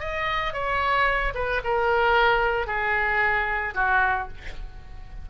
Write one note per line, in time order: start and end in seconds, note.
0.00 0.53 D#5
0.53 1.34 C#5
1.35 1.61 B4
1.64 2.67 A#4
2.67 3.74 G#4
3.75 4.28 F#4